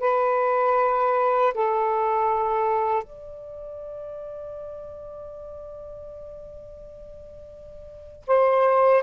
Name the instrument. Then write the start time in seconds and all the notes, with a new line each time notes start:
saxophone
0.00 B4
1.54 A4
3.03 D5
8.27 C5